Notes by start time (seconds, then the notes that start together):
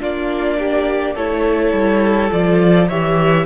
0.00 A#3 D4 F4 D5
0.58 G4
1.15 A3 E4 A4 C#5
1.73 G3
2.31 F3 F4 D5
2.88 E3 G4 C#5 E5